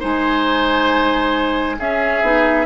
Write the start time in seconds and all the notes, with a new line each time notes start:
0.00 G#3 D#4 C5 G#5
1.78 C#4 G#4 E5
2.22 B3 D#4